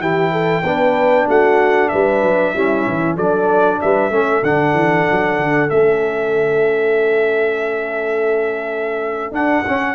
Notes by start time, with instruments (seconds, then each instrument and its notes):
0.00 tuba E3, trombone E4, horn G4, trumpet G5
0.32 horn A4
0.63 tuba B3, trombone D4, horn B4
1.28 tuba A3, horn F#4, trumpet F#5
1.89 tuba G3, horn B4, trumpet E5
2.23 tuba F#3
2.54 tuba G3, trombone C#4, horn E4
2.88 tuba E3
3.16 tuba F#3, trombone D4, horn A4, trumpet D5
3.82 tuba G3, horn B4, trumpet E5
4.11 tuba A3, trombone C#4, horn A4
4.43 tuba D3, trombone D4, trumpet F#5
4.74 tuba E3
5.12 tuba F#3
5.39 tuba D3
5.70 tuba A3, trombone C#4, trumpet E5
9.32 tuba D4, trombone D4, trumpet F#5
9.67 tuba C#4, trombone C#4